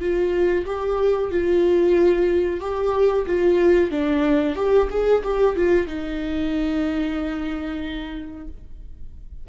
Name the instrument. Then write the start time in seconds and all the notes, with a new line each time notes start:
viola
0.00 F4
0.66 G4
1.31 F4
2.61 G4
3.26 F4
3.91 D4
4.56 G4
4.90 G#4
5.24 G4
5.56 F4
5.87 D#4